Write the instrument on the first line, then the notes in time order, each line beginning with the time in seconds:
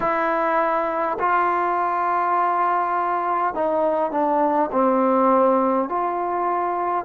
trombone
0.00 E4
1.19 F4
3.54 D#4
4.11 D4
4.72 C4
5.88 F4